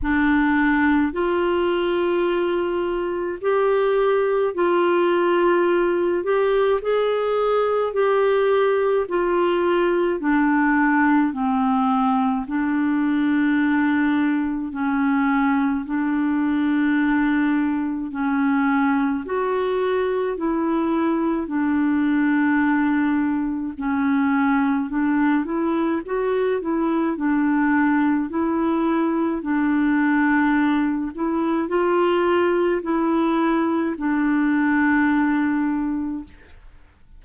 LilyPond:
\new Staff \with { instrumentName = "clarinet" } { \time 4/4 \tempo 4 = 53 d'4 f'2 g'4 | f'4. g'8 gis'4 g'4 | f'4 d'4 c'4 d'4~ | d'4 cis'4 d'2 |
cis'4 fis'4 e'4 d'4~ | d'4 cis'4 d'8 e'8 fis'8 e'8 | d'4 e'4 d'4. e'8 | f'4 e'4 d'2 | }